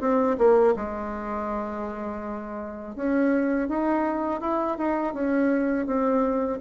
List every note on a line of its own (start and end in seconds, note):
0.00 0.37 C4
0.38 0.74 A#3
0.75 2.95 G#3
2.95 3.68 C#4
3.68 4.41 D#4
4.41 4.77 E4
4.77 5.13 D#4
5.13 5.86 C#4
5.86 6.59 C4